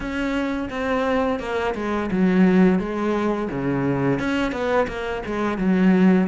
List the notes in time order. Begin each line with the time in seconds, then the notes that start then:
0.00 C#4
0.70 C4
1.39 A#3
1.74 G#3
2.11 F#3
2.79 G#3
3.51 C#3
4.19 C#4
4.52 B3
4.87 A#3
5.25 G#3
5.58 F#3